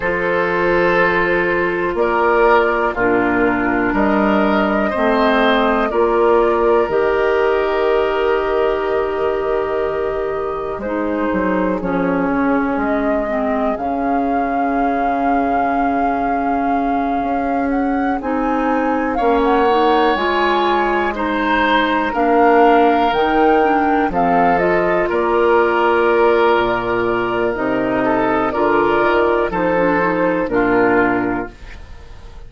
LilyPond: <<
  \new Staff \with { instrumentName = "flute" } { \time 4/4 \tempo 4 = 61 c''2 d''4 ais'4 | dis''2 d''4 dis''4~ | dis''2. c''4 | cis''4 dis''4 f''2~ |
f''2 fis''8 gis''4 f''16 fis''16~ | fis''8 gis''4 ais''4 f''4 g''8~ | g''8 f''8 dis''8 d''2~ d''8 | dis''4 d''4 c''4 ais'4 | }
  \new Staff \with { instrumentName = "oboe" } { \time 4/4 a'2 ais'4 f'4 | ais'4 c''4 ais'2~ | ais'2. gis'4~ | gis'1~ |
gis'2.~ gis'8 cis''8~ | cis''4. c''4 ais'4.~ | ais'8 a'4 ais'2~ ais'8~ | ais'8 a'8 ais'4 a'4 f'4 | }
  \new Staff \with { instrumentName = "clarinet" } { \time 4/4 f'2. d'4~ | d'4 c'4 f'4 g'4~ | g'2. dis'4 | cis'4. c'8 cis'2~ |
cis'2~ cis'8 dis'4 cis'8 | dis'8 f'4 dis'4 d'4 dis'8 | d'8 c'8 f'2. | dis'4 f'4 dis'16 d'16 dis'8 d'4 | }
  \new Staff \with { instrumentName = "bassoon" } { \time 4/4 f2 ais4 ais,4 | g4 a4 ais4 dis4~ | dis2. gis8 fis8 | f8 cis8 gis4 cis2~ |
cis4. cis'4 c'4 ais8~ | ais8 gis2 ais4 dis8~ | dis8 f4 ais4. ais,4 | c4 d8 dis8 f4 ais,4 | }
>>